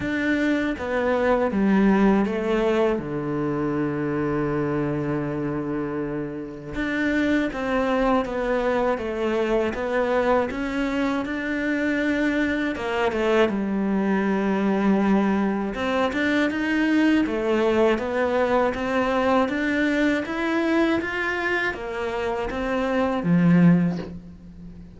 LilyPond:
\new Staff \with { instrumentName = "cello" } { \time 4/4 \tempo 4 = 80 d'4 b4 g4 a4 | d1~ | d4 d'4 c'4 b4 | a4 b4 cis'4 d'4~ |
d'4 ais8 a8 g2~ | g4 c'8 d'8 dis'4 a4 | b4 c'4 d'4 e'4 | f'4 ais4 c'4 f4 | }